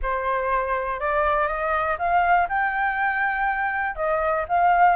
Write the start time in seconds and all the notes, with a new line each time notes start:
0.02 C5
0.99 D5
1.47 D#5
1.98 F5
2.48 G5
3.95 D#5
4.48 F5